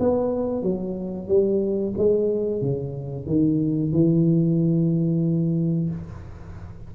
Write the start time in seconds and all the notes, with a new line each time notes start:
0.00 B3
0.63 F#3
1.28 G3
1.97 G#3
2.62 C#3
3.26 D#3
3.92 E3